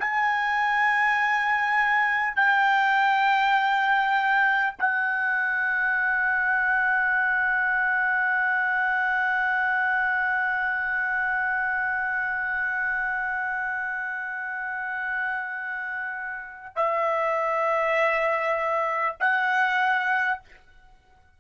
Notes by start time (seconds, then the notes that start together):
0.00 G#5
2.36 G5
4.79 F#5
16.76 E5
19.21 F#5